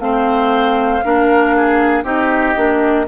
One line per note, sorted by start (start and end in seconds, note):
0.00 1.02 A3
0.00 1.02 C4
0.00 1.04 C5
0.00 2.04 F5
1.04 2.04 A#3
1.04 2.04 D4
1.04 1.56 A#4
1.56 2.04 G#4
2.04 2.54 C4
2.04 2.55 D#4
2.04 3.06 G4
2.04 3.07 D#5
2.56 3.08 A#3
2.56 3.06 D4